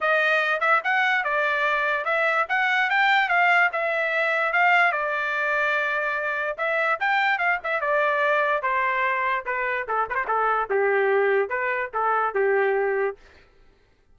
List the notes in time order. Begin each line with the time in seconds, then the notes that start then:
0.00 D#5
0.60 E5
0.83 F#5
1.23 D5
2.05 E5
2.48 F#5
2.90 G5
3.28 F5
3.72 E5
4.52 F5
4.92 D5
6.57 E5
7.00 G5
7.38 F5
7.63 E5
7.81 D5
8.62 C5
9.45 B4
9.87 A4
10.09 B4 C5
10.27 A4
10.70 G4
11.49 B4
11.93 A4
12.34 G4